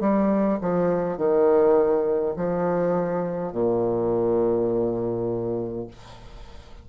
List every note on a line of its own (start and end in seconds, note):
0.00 0.59 G3
0.61 1.18 F3
1.18 2.35 D#3
2.36 3.52 F3
3.52 5.88 A#2